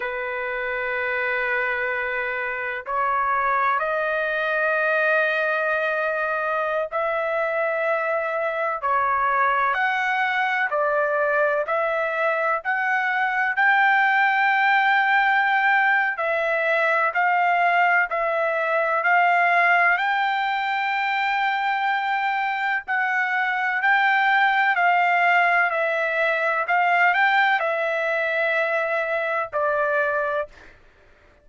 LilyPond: \new Staff \with { instrumentName = "trumpet" } { \time 4/4 \tempo 4 = 63 b'2. cis''4 | dis''2.~ dis''16 e''8.~ | e''4~ e''16 cis''4 fis''4 d''8.~ | d''16 e''4 fis''4 g''4.~ g''16~ |
g''4 e''4 f''4 e''4 | f''4 g''2. | fis''4 g''4 f''4 e''4 | f''8 g''8 e''2 d''4 | }